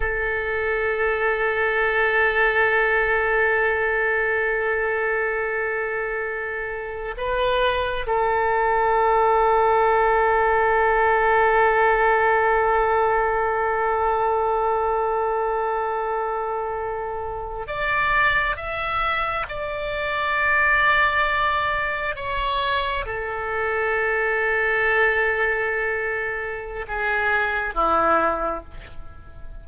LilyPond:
\new Staff \with { instrumentName = "oboe" } { \time 4/4 \tempo 4 = 67 a'1~ | a'1 | b'4 a'2.~ | a'1~ |
a'2.~ a'8. d''16~ | d''8. e''4 d''2~ d''16~ | d''8. cis''4 a'2~ a'16~ | a'2 gis'4 e'4 | }